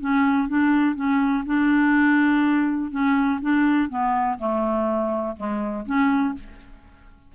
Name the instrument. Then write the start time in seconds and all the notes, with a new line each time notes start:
clarinet
0.00 C#4
0.48 D4
0.95 C#4
1.46 D4
2.91 C#4
3.41 D4
3.89 B3
4.38 A3
5.36 G#3
5.86 C#4